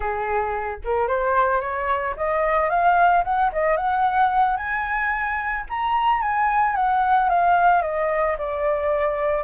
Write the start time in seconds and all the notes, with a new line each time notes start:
0.00 G#4
0.84 A#4
1.07 C5
1.61 C#5
2.16 D#5
2.69 F5
3.24 F#5
3.52 D#5
3.76 F#5
4.57 G#5
5.69 A#5
6.21 G#5
6.75 F#5
7.29 F5
7.82 D#5
8.38 D5